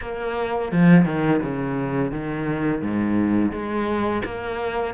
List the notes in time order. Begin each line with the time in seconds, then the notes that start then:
0.01 A#3
0.72 F3
1.05 D#3
1.42 C#3
2.11 D#3
2.82 G#2
3.51 G#3
4.24 A#3